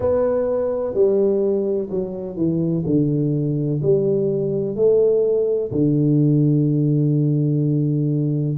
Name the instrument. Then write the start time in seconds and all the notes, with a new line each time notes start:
tuba
0.00 B3
0.94 G3
1.90 F#3
2.36 E3
2.85 D3
3.82 G3
4.75 A3
5.71 D3